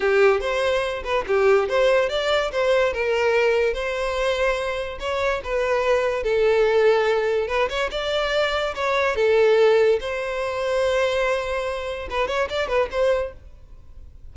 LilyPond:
\new Staff \with { instrumentName = "violin" } { \time 4/4 \tempo 4 = 144 g'4 c''4. b'8 g'4 | c''4 d''4 c''4 ais'4~ | ais'4 c''2. | cis''4 b'2 a'4~ |
a'2 b'8 cis''8 d''4~ | d''4 cis''4 a'2 | c''1~ | c''4 b'8 cis''8 d''8 b'8 c''4 | }